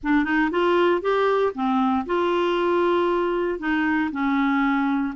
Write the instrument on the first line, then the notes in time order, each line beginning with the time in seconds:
clarinet
0.03 D4
0.24 D#4
0.51 F4
1.01 G4
1.54 C4
2.05 F4
3.59 D#4
4.11 C#4